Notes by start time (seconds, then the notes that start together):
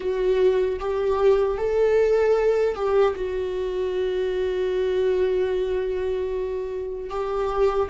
0.00 F#4
0.79 G4
1.57 A4
2.75 G4
3.15 F#4
7.10 G4